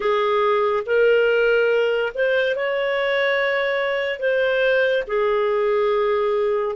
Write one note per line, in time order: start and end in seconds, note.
0.00 0.83 G#4
0.86 2.12 A#4
2.14 2.55 C5
2.55 4.19 C#5
4.19 5.03 C5
5.07 6.75 G#4